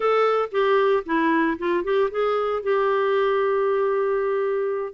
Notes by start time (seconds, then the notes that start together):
0.00 A4
0.51 G4
1.05 E4
1.58 F4
1.84 G4
2.10 G#4
2.63 G4